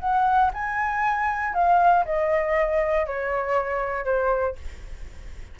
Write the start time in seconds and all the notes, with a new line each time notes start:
0.00 F#5
0.54 G#5
1.54 F5
2.05 D#5
3.06 C#5
4.05 C5